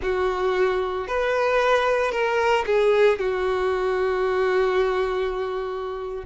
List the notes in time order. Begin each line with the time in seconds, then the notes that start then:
0.02 F#4
1.07 B4
2.11 A#4
2.65 G#4
3.19 F#4